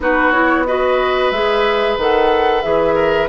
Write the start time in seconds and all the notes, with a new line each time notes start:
0.00 B3 D#4 F#4 B4
0.31 E4 C#5
0.66 F#4 B4 D#5
1.31 G#3 G#4 E5
1.97 D#3 A4 F#5
2.62 E3 G#4 E5
2.94 A#4